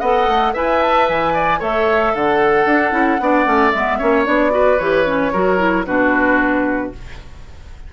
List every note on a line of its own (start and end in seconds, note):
0.00 0.27 B3
0.00 0.53 A4
0.00 0.53 D#5
0.00 0.53 F#5
0.27 0.54 A3
0.53 1.09 E4
0.53 1.59 B4
0.53 1.33 E5
0.53 0.81 G#5
0.81 1.08 A5
1.08 1.61 E3
1.08 1.61 G#5
1.34 1.59 D5
1.59 2.14 A3
1.59 2.65 A4
1.59 2.12 C#5
1.59 2.15 E5
2.14 2.65 D3
2.14 3.21 A4
2.14 3.71 F#5
2.65 2.91 D4
2.91 3.18 C#4
2.91 3.17 E4
3.20 3.46 B3
3.20 3.44 D4
3.20 3.98 D5
3.44 3.73 A3
3.44 3.71 C#4
3.71 4.00 G#3
3.71 4.00 B3
3.71 4.24 E5
3.98 4.27 A#3
3.98 4.25 C#4
3.98 4.52 C#5
4.25 4.79 B3
4.25 4.50 D4
4.25 4.78 D5
4.50 4.77 F#4
4.50 5.32 B4
4.78 5.32 E3
4.78 5.05 G4
4.78 5.85 C#5
5.05 5.32 C#4
5.32 5.87 F#3
5.32 5.58 F#4
5.32 5.86 A#4
5.58 5.84 E4
5.86 6.93 B2
5.86 6.92 D4
5.86 6.92 F#4
5.86 6.92 B4